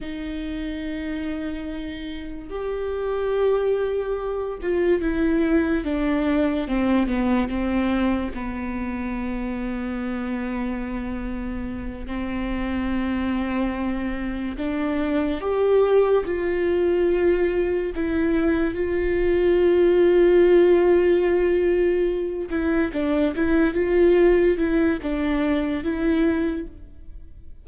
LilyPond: \new Staff \with { instrumentName = "viola" } { \time 4/4 \tempo 4 = 72 dis'2. g'4~ | g'4. f'8 e'4 d'4 | c'8 b8 c'4 b2~ | b2~ b8 c'4.~ |
c'4. d'4 g'4 f'8~ | f'4. e'4 f'4.~ | f'2. e'8 d'8 | e'8 f'4 e'8 d'4 e'4 | }